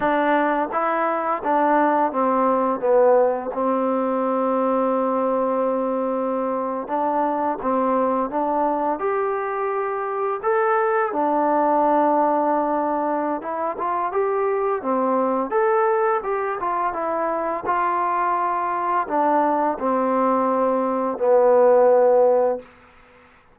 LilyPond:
\new Staff \with { instrumentName = "trombone" } { \time 4/4 \tempo 4 = 85 d'4 e'4 d'4 c'4 | b4 c'2.~ | c'4.~ c'16 d'4 c'4 d'16~ | d'8. g'2 a'4 d'16~ |
d'2. e'8 f'8 | g'4 c'4 a'4 g'8 f'8 | e'4 f'2 d'4 | c'2 b2 | }